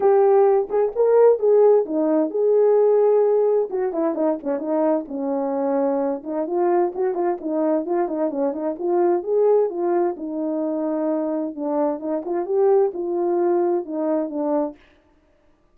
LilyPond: \new Staff \with { instrumentName = "horn" } { \time 4/4 \tempo 4 = 130 g'4. gis'8 ais'4 gis'4 | dis'4 gis'2. | fis'8 e'8 dis'8 cis'8 dis'4 cis'4~ | cis'4. dis'8 f'4 fis'8 f'8 |
dis'4 f'8 dis'8 cis'8 dis'8 f'4 | gis'4 f'4 dis'2~ | dis'4 d'4 dis'8 f'8 g'4 | f'2 dis'4 d'4 | }